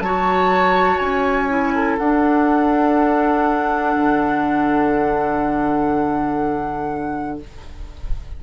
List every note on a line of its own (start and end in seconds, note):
0.00 0.98 F#3
0.00 1.49 F#4
0.00 1.75 C#5
0.00 0.98 A5
0.98 1.98 C#4
0.98 1.97 G#5
1.49 1.98 E4
1.75 7.41 A4
1.98 3.96 D4
1.98 7.43 D4
1.98 7.39 F#5
3.96 7.40 D3